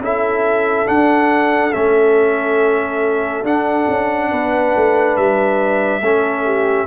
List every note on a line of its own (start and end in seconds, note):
0.00 0.86 C#4
0.00 0.86 E4
0.00 4.31 A4
0.00 0.87 E5
0.86 1.72 D4
0.86 1.74 D4
0.86 1.72 F#5
1.72 3.43 A3
1.72 3.44 C#4
1.72 3.44 E5
3.43 3.86 D4
3.43 6.02 D4
3.43 5.17 F#5
3.88 4.31 C#4
4.31 4.74 B3
4.31 6.02 B4
4.75 5.17 A3
5.17 6.01 G3
5.17 6.87 E5
6.01 6.86 A3
6.01 6.87 C#4
6.01 6.44 A4
6.44 6.87 G4